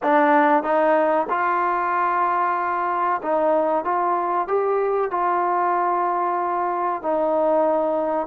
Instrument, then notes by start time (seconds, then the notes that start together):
trombone
0.02 D4
0.63 D#4
1.29 F4
3.22 D#4
3.84 F4
4.47 G4
5.11 F4
7.02 D#4